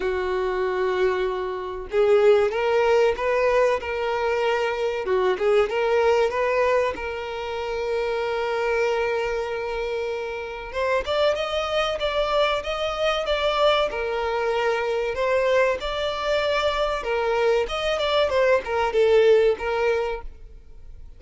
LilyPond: \new Staff \with { instrumentName = "violin" } { \time 4/4 \tempo 4 = 95 fis'2. gis'4 | ais'4 b'4 ais'2 | fis'8 gis'8 ais'4 b'4 ais'4~ | ais'1~ |
ais'4 c''8 d''8 dis''4 d''4 | dis''4 d''4 ais'2 | c''4 d''2 ais'4 | dis''8 d''8 c''8 ais'8 a'4 ais'4 | }